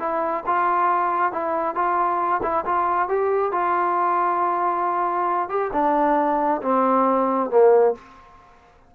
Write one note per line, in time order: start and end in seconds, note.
0.00 0.44 E4
0.47 1.33 F4
1.33 1.75 E4
1.75 2.41 F4
2.43 2.65 E4
2.66 3.09 F4
3.09 3.52 G4
3.52 5.49 F4
5.49 5.72 G4
5.74 6.62 D4
6.62 7.51 C4
7.51 7.95 A#3